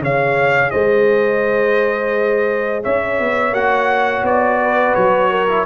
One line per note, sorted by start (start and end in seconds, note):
0.00 0.71 C#3
0.00 3.54 G#4
0.00 0.73 C#5
0.00 0.71 F5
0.71 2.85 G#3
0.71 2.84 C5
0.71 2.83 D#5
2.84 3.20 C#4
2.84 4.60 C#5
2.84 3.55 E5
3.20 3.52 B3
3.52 4.23 A#3
3.52 5.48 F#4
3.52 4.25 F#5
4.24 4.94 B3
4.24 4.95 D5
4.63 5.31 B4
4.95 5.66 F#3
4.95 5.66 C#5
5.31 5.66 A#4
5.49 5.66 E4